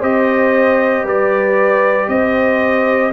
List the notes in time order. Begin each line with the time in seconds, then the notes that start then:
0.00 C4 G4 C5 D#5
1.04 G3 B4 D5
2.08 C4 C5 D#5